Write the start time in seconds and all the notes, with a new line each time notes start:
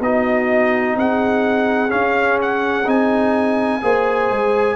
0.00 B3 D#4 F#4 D#5
0.96 C4 G#4 F#5
1.89 C#4 F5
2.42 F#5
2.86 C4 D#4 G#5
3.82 A#3 G#4 C5
4.31 G#3